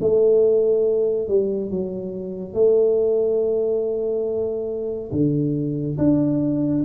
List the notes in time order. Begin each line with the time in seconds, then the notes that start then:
0.00 A3
1.28 G3
1.70 F#3
2.54 A3
5.12 D3
5.98 D4